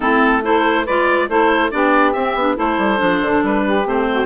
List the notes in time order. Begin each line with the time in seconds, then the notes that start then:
0.00 A3 C4 E4 A4
0.42 E4 A4 C5
0.85 G#3 F4 B4 D5
1.28 A3 E4 A4 C5
1.71 B3 D4 G4 D5
2.12 C4 E5
2.34 B3 D4
2.55 A3 E4 A4 C5
2.78 G3
2.97 F3 D4
3.21 D3
3.42 G3 B4
3.65 G4
3.85 A3 C4 C5
4.10 F#4